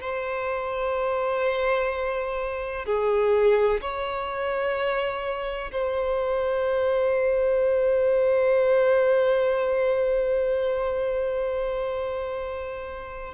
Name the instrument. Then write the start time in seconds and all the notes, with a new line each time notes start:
violin
0.00 C5
2.85 G#4
3.81 C#5
5.72 C5